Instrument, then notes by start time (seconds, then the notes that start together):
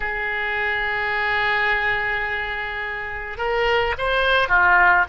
oboe
0.00 G#4
3.37 A#4
3.98 C5
4.48 F4